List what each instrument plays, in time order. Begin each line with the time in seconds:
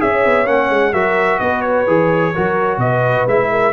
0.00 tuba C#4, trombone G#4, horn C#5, trumpet E5
0.25 tuba B3
0.46 tuba A#3, trombone C#4, trumpet F#5
0.70 tuba G#3
0.94 tuba F#3, trombone F#4, horn A#4, trumpet E5
1.39 tuba B3, horn B4, trumpet D#5
1.62 trumpet C#5
1.88 tuba E3, trombone G#4
2.33 tuba F#3, trombone F#4, horn A#4
2.78 tuba B2, horn B4, trumpet D#5
3.27 tuba G#3, trombone E4, trumpet E5
3.51 horn A#4